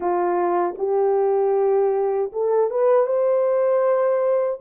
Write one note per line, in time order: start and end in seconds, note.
0.00 0.75 F4
0.78 2.31 G4
2.32 2.70 A4
2.70 3.06 B4
3.06 4.60 C5